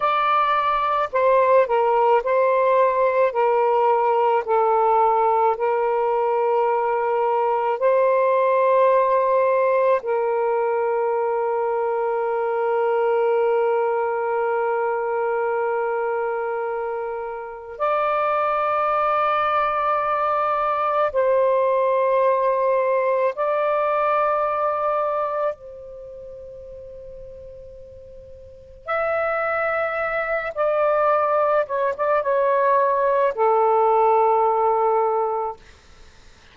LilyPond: \new Staff \with { instrumentName = "saxophone" } { \time 4/4 \tempo 4 = 54 d''4 c''8 ais'8 c''4 ais'4 | a'4 ais'2 c''4~ | c''4 ais'2.~ | ais'1 |
d''2. c''4~ | c''4 d''2 c''4~ | c''2 e''4. d''8~ | d''8 cis''16 d''16 cis''4 a'2 | }